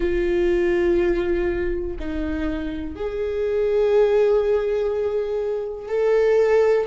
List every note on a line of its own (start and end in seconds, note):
0.00 1.97 F4
1.99 2.95 D#4
2.95 5.88 G#4
5.88 6.86 A4